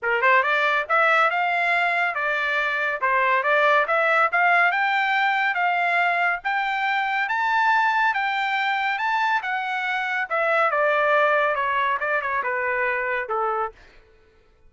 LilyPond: \new Staff \with { instrumentName = "trumpet" } { \time 4/4 \tempo 4 = 140 ais'8 c''8 d''4 e''4 f''4~ | f''4 d''2 c''4 | d''4 e''4 f''4 g''4~ | g''4 f''2 g''4~ |
g''4 a''2 g''4~ | g''4 a''4 fis''2 | e''4 d''2 cis''4 | d''8 cis''8 b'2 a'4 | }